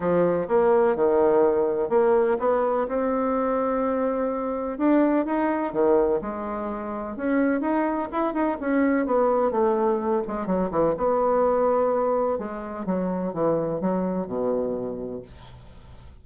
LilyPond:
\new Staff \with { instrumentName = "bassoon" } { \time 4/4 \tempo 4 = 126 f4 ais4 dis2 | ais4 b4 c'2~ | c'2 d'4 dis'4 | dis4 gis2 cis'4 |
dis'4 e'8 dis'8 cis'4 b4 | a4. gis8 fis8 e8 b4~ | b2 gis4 fis4 | e4 fis4 b,2 | }